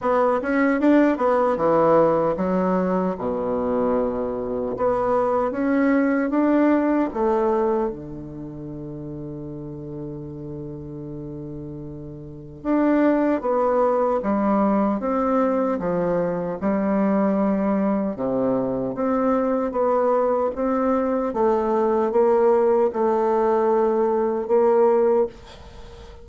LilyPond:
\new Staff \with { instrumentName = "bassoon" } { \time 4/4 \tempo 4 = 76 b8 cis'8 d'8 b8 e4 fis4 | b,2 b4 cis'4 | d'4 a4 d2~ | d1 |
d'4 b4 g4 c'4 | f4 g2 c4 | c'4 b4 c'4 a4 | ais4 a2 ais4 | }